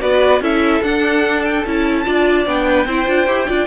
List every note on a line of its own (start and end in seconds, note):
0.00 0.40 B3
0.00 0.41 F#4
0.00 0.42 B4
0.00 0.41 D5
0.40 0.81 C#4
0.40 0.82 E4
0.40 2.05 A4
0.40 0.82 E5
0.82 1.64 D4
0.82 1.43 F#5
1.44 1.64 G5
1.65 2.06 C#4
1.65 2.04 E4
1.65 2.47 A5
2.04 2.46 D4
2.04 2.45 F4
2.04 2.66 D5
2.45 2.85 B3
2.45 2.86 D4
2.45 3.67 G5
2.68 2.87 B4
2.85 3.06 C4
2.85 3.06 E4
2.85 3.47 C5
3.06 3.27 D4
3.06 3.26 F4
3.26 3.47 E4
3.26 3.47 G4
3.47 3.67 D4
3.47 3.67 F4
3.47 3.67 D5